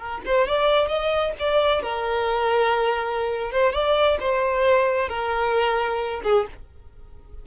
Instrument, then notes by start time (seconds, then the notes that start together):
violin
0.00 A#4
0.26 C5
0.48 D5
0.88 D#5
1.39 D5
1.83 A#4
3.52 C5
3.73 D5
4.21 C5
5.09 A#4
6.24 G#4